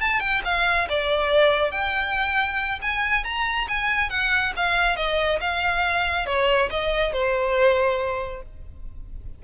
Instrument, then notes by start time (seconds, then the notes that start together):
violin
0.00 A5
0.20 G5
0.44 F5
0.89 D5
1.71 G5
2.81 G#5
3.24 A#5
3.68 G#5
4.09 F#5
4.56 F5
4.96 D#5
5.40 F5
6.26 C#5
6.70 D#5
7.12 C5